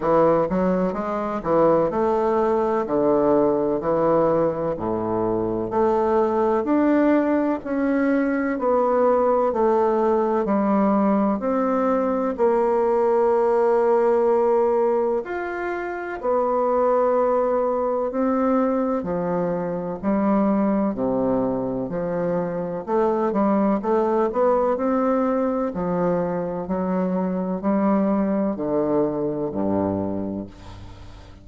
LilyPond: \new Staff \with { instrumentName = "bassoon" } { \time 4/4 \tempo 4 = 63 e8 fis8 gis8 e8 a4 d4 | e4 a,4 a4 d'4 | cis'4 b4 a4 g4 | c'4 ais2. |
f'4 b2 c'4 | f4 g4 c4 f4 | a8 g8 a8 b8 c'4 f4 | fis4 g4 d4 g,4 | }